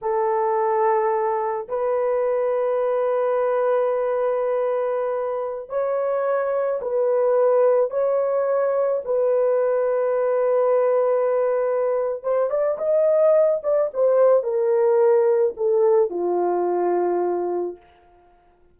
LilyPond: \new Staff \with { instrumentName = "horn" } { \time 4/4 \tempo 4 = 108 a'2. b'4~ | b'1~ | b'2~ b'16 cis''4.~ cis''16~ | cis''16 b'2 cis''4.~ cis''16~ |
cis''16 b'2.~ b'8.~ | b'2 c''8 d''8 dis''4~ | dis''8 d''8 c''4 ais'2 | a'4 f'2. | }